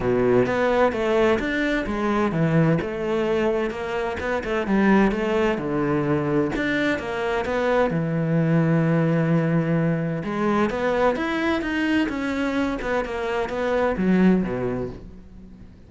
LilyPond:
\new Staff \with { instrumentName = "cello" } { \time 4/4 \tempo 4 = 129 b,4 b4 a4 d'4 | gis4 e4 a2 | ais4 b8 a8 g4 a4 | d2 d'4 ais4 |
b4 e2.~ | e2 gis4 b4 | e'4 dis'4 cis'4. b8 | ais4 b4 fis4 b,4 | }